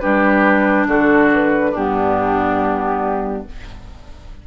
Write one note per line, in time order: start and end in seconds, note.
0.00 0.87 G3
0.00 1.73 D4
0.00 0.87 G4
0.00 0.86 B4
0.87 1.73 D3
0.87 1.71 F#4
0.87 1.31 A4
1.33 1.76 B4
1.71 3.46 G2
1.71 3.47 B3
1.71 3.42 D4
1.71 3.47 G4